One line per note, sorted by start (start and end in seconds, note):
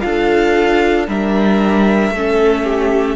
0.00 1.07 D4
0.00 1.05 F4
0.00 1.08 A4
0.00 1.06 F5
1.07 2.10 G3
1.07 2.14 D4
1.07 2.13 A#4
1.07 3.16 E5
2.10 3.16 A3
2.10 2.64 A4
2.16 3.16 C#4
2.64 3.16 G4